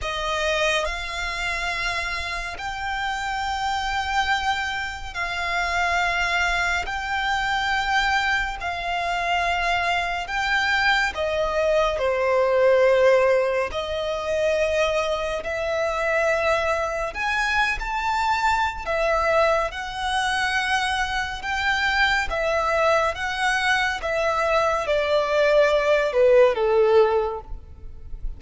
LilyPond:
\new Staff \with { instrumentName = "violin" } { \time 4/4 \tempo 4 = 70 dis''4 f''2 g''4~ | g''2 f''2 | g''2 f''2 | g''4 dis''4 c''2 |
dis''2 e''2 | gis''8. a''4~ a''16 e''4 fis''4~ | fis''4 g''4 e''4 fis''4 | e''4 d''4. b'8 a'4 | }